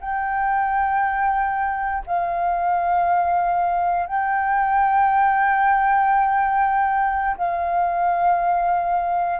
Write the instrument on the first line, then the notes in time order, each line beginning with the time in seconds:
flute
0.00 G5
2.06 F5
4.06 G5
7.37 F5